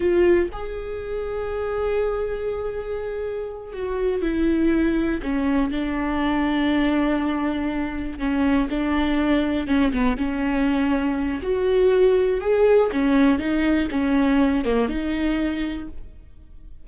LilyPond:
\new Staff \with { instrumentName = "viola" } { \time 4/4 \tempo 4 = 121 f'4 gis'2.~ | gis'2.~ gis'8 fis'8~ | fis'8 e'2 cis'4 d'8~ | d'1~ |
d'8 cis'4 d'2 cis'8 | b8 cis'2~ cis'8 fis'4~ | fis'4 gis'4 cis'4 dis'4 | cis'4. ais8 dis'2 | }